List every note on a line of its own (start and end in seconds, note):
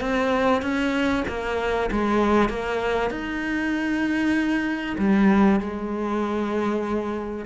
0.00 0.62 C4
0.62 1.24 C#4
1.28 1.90 A#3
1.91 2.49 G#3
2.49 3.10 A#3
3.10 4.96 D#4
4.98 5.60 G3
5.60 7.45 G#3